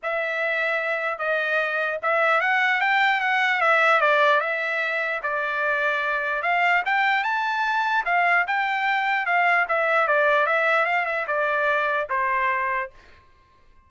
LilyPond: \new Staff \with { instrumentName = "trumpet" } { \time 4/4 \tempo 4 = 149 e''2. dis''4~ | dis''4 e''4 fis''4 g''4 | fis''4 e''4 d''4 e''4~ | e''4 d''2. |
f''4 g''4 a''2 | f''4 g''2 f''4 | e''4 d''4 e''4 f''8 e''8 | d''2 c''2 | }